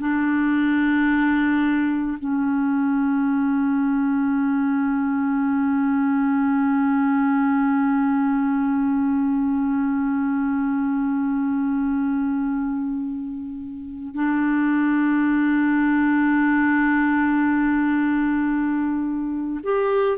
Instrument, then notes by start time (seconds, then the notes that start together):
clarinet
0.00 D4
2.20 C#4
14.15 D4
19.64 G4